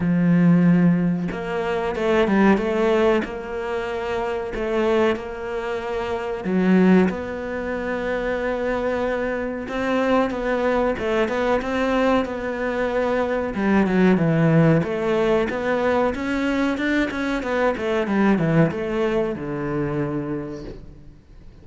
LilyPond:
\new Staff \with { instrumentName = "cello" } { \time 4/4 \tempo 4 = 93 f2 ais4 a8 g8 | a4 ais2 a4 | ais2 fis4 b4~ | b2. c'4 |
b4 a8 b8 c'4 b4~ | b4 g8 fis8 e4 a4 | b4 cis'4 d'8 cis'8 b8 a8 | g8 e8 a4 d2 | }